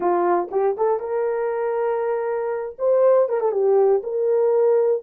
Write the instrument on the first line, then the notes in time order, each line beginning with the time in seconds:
horn
0.00 F4
0.51 G4
0.77 A4
0.99 A#4
2.78 C5
3.28 A#4
3.40 A4
3.51 G4
4.03 A#4